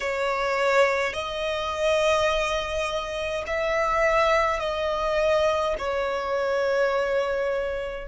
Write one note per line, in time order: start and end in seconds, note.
0.00 1.13 C#5
1.13 3.44 D#5
3.46 4.59 E5
4.59 5.75 D#5
5.78 8.07 C#5